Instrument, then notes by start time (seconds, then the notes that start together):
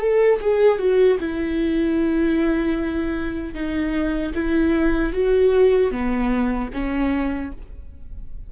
viola
0.00 A4
0.40 G#4
0.78 F#4
1.19 E4
3.53 D#4
4.34 E4
5.12 F#4
5.91 B3
6.73 C#4